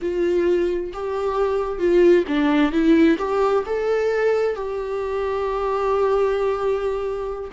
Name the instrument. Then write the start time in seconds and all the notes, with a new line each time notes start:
viola
0.01 F4
0.93 G4
1.79 F4
2.27 D4
2.71 E4
3.18 G4
3.66 A4
4.55 G4